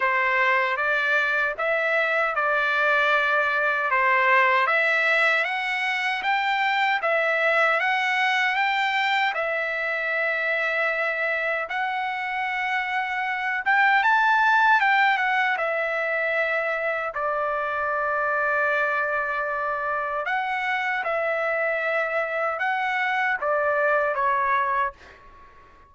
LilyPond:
\new Staff \with { instrumentName = "trumpet" } { \time 4/4 \tempo 4 = 77 c''4 d''4 e''4 d''4~ | d''4 c''4 e''4 fis''4 | g''4 e''4 fis''4 g''4 | e''2. fis''4~ |
fis''4. g''8 a''4 g''8 fis''8 | e''2 d''2~ | d''2 fis''4 e''4~ | e''4 fis''4 d''4 cis''4 | }